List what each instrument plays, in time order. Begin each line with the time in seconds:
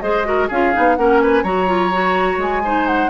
0.00 bassoon G#3, clarinet G#4, oboe C5, flute D#5
0.24 clarinet F#4, oboe A#4
0.48 bassoon C#4, clarinet F4, oboe G#4, flute F5
0.73 bassoon B3, clarinet D#4
0.96 bassoon A#3, clarinet C#4, oboe A#4, flute F#5
1.22 oboe B4, flute G#5
1.43 bassoon F#3, clarinet F#4, oboe C#5, flute A#5
1.67 clarinet F4
1.92 clarinet F#4
2.37 bassoon G#3, flute G#5
2.64 clarinet D#4, oboe C5
2.86 flute F#5